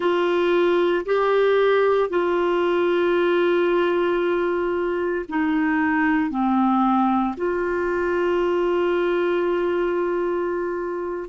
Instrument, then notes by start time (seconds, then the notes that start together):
clarinet
0.00 F4
1.05 G4
2.09 F4
5.29 D#4
6.30 C4
7.36 F4